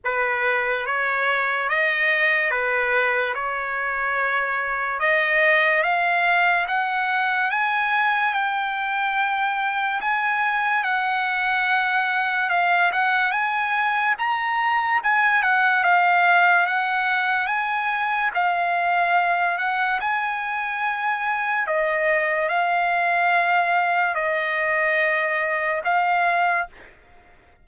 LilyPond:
\new Staff \with { instrumentName = "trumpet" } { \time 4/4 \tempo 4 = 72 b'4 cis''4 dis''4 b'4 | cis''2 dis''4 f''4 | fis''4 gis''4 g''2 | gis''4 fis''2 f''8 fis''8 |
gis''4 ais''4 gis''8 fis''8 f''4 | fis''4 gis''4 f''4. fis''8 | gis''2 dis''4 f''4~ | f''4 dis''2 f''4 | }